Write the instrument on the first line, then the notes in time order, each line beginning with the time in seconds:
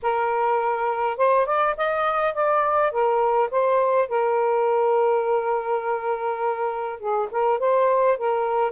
saxophone
0.02 A#4
1.17 C5
1.46 D5
1.77 D#5
2.34 D5
2.91 A#4
3.50 C5
4.08 A#4
6.99 G#4
7.31 A#4
7.59 C5
8.17 A#4